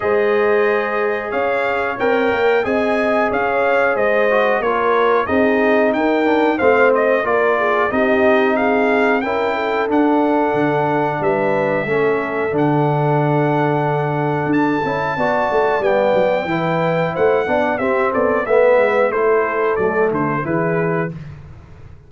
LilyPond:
<<
  \new Staff \with { instrumentName = "trumpet" } { \time 4/4 \tempo 4 = 91 dis''2 f''4 g''4 | gis''4 f''4 dis''4 cis''4 | dis''4 g''4 f''8 dis''8 d''4 | dis''4 f''4 g''4 fis''4~ |
fis''4 e''2 fis''4~ | fis''2 a''2 | g''2 fis''4 e''8 d''8 | e''4 c''4 d''8 c''8 b'4 | }
  \new Staff \with { instrumentName = "horn" } { \time 4/4 c''2 cis''2 | dis''4 cis''4 c''4 ais'4 | gis'4 ais'4 c''4 ais'8 gis'8 | g'4 gis'4 ais'8 a'4.~ |
a'4 b'4 a'2~ | a'2. d''4~ | d''4 b'4 c''8 d''8 g'8 a'8 | b'4 a'2 gis'4 | }
  \new Staff \with { instrumentName = "trombone" } { \time 4/4 gis'2. ais'4 | gis'2~ gis'8 fis'8 f'4 | dis'4. d'8 c'4 f'4 | dis'2 e'4 d'4~ |
d'2 cis'4 d'4~ | d'2~ d'8 e'8 fis'4 | b4 e'4. d'8 c'4 | b4 e'4 a4 e'4 | }
  \new Staff \with { instrumentName = "tuba" } { \time 4/4 gis2 cis'4 c'8 ais8 | c'4 cis'4 gis4 ais4 | c'4 dis'4 a4 ais4 | c'2 cis'4 d'4 |
d4 g4 a4 d4~ | d2 d'8 cis'8 b8 a8 | g8 fis8 e4 a8 b8 c'8 b8 | a8 gis8 a4 fis8 d8 e4 | }
>>